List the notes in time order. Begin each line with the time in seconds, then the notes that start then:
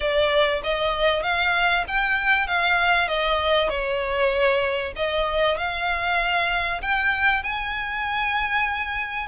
0.00 D5
0.63 D#5
1.23 F5
1.87 G5
2.47 F5
3.08 D#5
3.69 C#5
4.96 D#5
5.57 F5
6.81 G5
7.43 G#5